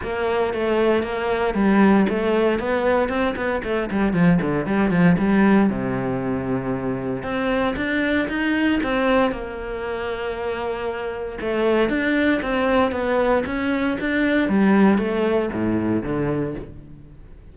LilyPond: \new Staff \with { instrumentName = "cello" } { \time 4/4 \tempo 4 = 116 ais4 a4 ais4 g4 | a4 b4 c'8 b8 a8 g8 | f8 d8 g8 f8 g4 c4~ | c2 c'4 d'4 |
dis'4 c'4 ais2~ | ais2 a4 d'4 | c'4 b4 cis'4 d'4 | g4 a4 a,4 d4 | }